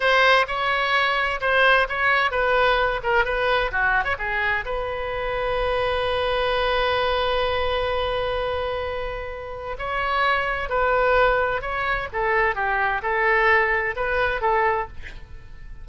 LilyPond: \new Staff \with { instrumentName = "oboe" } { \time 4/4 \tempo 4 = 129 c''4 cis''2 c''4 | cis''4 b'4. ais'8 b'4 | fis'8. cis''16 gis'4 b'2~ | b'1~ |
b'1~ | b'4 cis''2 b'4~ | b'4 cis''4 a'4 g'4 | a'2 b'4 a'4 | }